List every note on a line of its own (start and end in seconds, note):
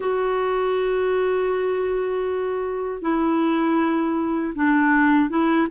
0.00 3.01 F#4
3.01 4.53 E4
4.55 5.29 D4
5.29 5.67 E4